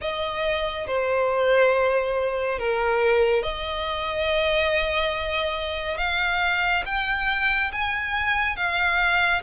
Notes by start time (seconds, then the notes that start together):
0.01 D#5
0.87 C5
2.58 A#4
3.42 D#5
5.97 F5
6.85 G5
7.71 G#5
8.56 F5